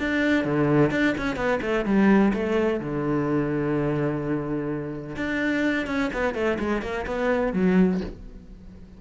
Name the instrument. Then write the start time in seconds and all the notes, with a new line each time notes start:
cello
0.00 D4
0.45 D3
0.91 D4
1.18 C#4
1.37 B3
1.62 A3
1.86 G3
2.34 A3
2.80 D3
5.16 D4
5.87 C#4
6.14 B3
6.35 A3
6.59 G#3
6.82 A#3
7.07 B3
7.54 F#3